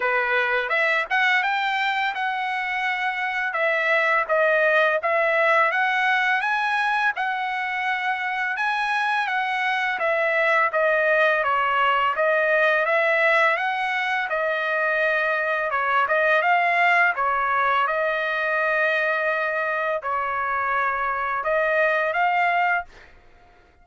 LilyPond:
\new Staff \with { instrumentName = "trumpet" } { \time 4/4 \tempo 4 = 84 b'4 e''8 fis''8 g''4 fis''4~ | fis''4 e''4 dis''4 e''4 | fis''4 gis''4 fis''2 | gis''4 fis''4 e''4 dis''4 |
cis''4 dis''4 e''4 fis''4 | dis''2 cis''8 dis''8 f''4 | cis''4 dis''2. | cis''2 dis''4 f''4 | }